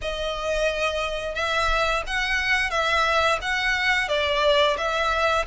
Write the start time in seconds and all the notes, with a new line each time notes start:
0.01 D#5
1.35 E5
2.06 F#5
2.70 E5
3.41 F#5
4.08 D5
4.77 E5